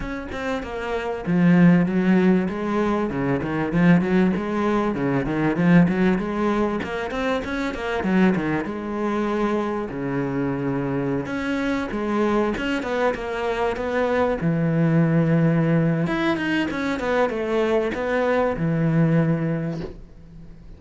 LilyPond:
\new Staff \with { instrumentName = "cello" } { \time 4/4 \tempo 4 = 97 cis'8 c'8 ais4 f4 fis4 | gis4 cis8 dis8 f8 fis8 gis4 | cis8 dis8 f8 fis8 gis4 ais8 c'8 | cis'8 ais8 fis8 dis8 gis2 |
cis2~ cis16 cis'4 gis8.~ | gis16 cis'8 b8 ais4 b4 e8.~ | e2 e'8 dis'8 cis'8 b8 | a4 b4 e2 | }